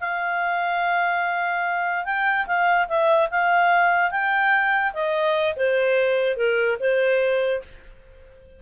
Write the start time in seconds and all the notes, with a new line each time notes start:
0.00 F5
2.05 G5
2.47 F5
2.88 E5
3.30 F5
4.11 G5
4.93 D#5
5.56 C5
6.36 A#4
6.80 C5